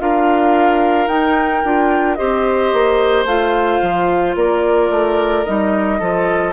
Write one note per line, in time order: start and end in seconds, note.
0.00 1.08 D4
0.00 1.09 F4
0.00 2.18 A#4
0.00 1.08 F5
1.08 1.62 D#4
1.08 1.63 D#4
1.08 2.15 G5
1.65 2.19 D4
1.65 2.18 F4
2.15 2.73 C4
2.15 3.27 G4
2.15 4.37 C5
2.15 3.24 D#5
2.73 3.25 A#3
3.25 3.80 A3
3.25 5.46 F4
3.25 4.36 F5
3.82 4.35 F3
4.35 4.90 A#3
4.35 6.00 A#4
4.35 5.45 D5
4.90 5.45 A3
5.45 6.01 G3
5.45 6.00 D#4
5.45 6.53 D#5
6.00 6.53 F3
6.00 6.53 F4
6.00 6.53 A4